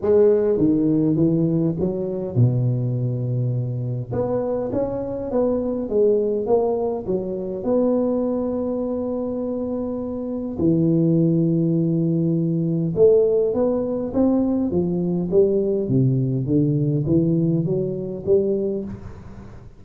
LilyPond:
\new Staff \with { instrumentName = "tuba" } { \time 4/4 \tempo 4 = 102 gis4 dis4 e4 fis4 | b,2. b4 | cis'4 b4 gis4 ais4 | fis4 b2.~ |
b2 e2~ | e2 a4 b4 | c'4 f4 g4 c4 | d4 e4 fis4 g4 | }